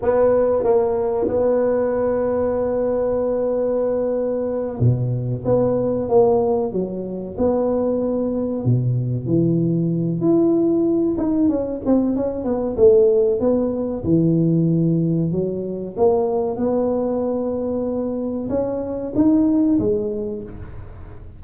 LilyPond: \new Staff \with { instrumentName = "tuba" } { \time 4/4 \tempo 4 = 94 b4 ais4 b2~ | b2.~ b8 b,8~ | b,8 b4 ais4 fis4 b8~ | b4. b,4 e4. |
e'4. dis'8 cis'8 c'8 cis'8 b8 | a4 b4 e2 | fis4 ais4 b2~ | b4 cis'4 dis'4 gis4 | }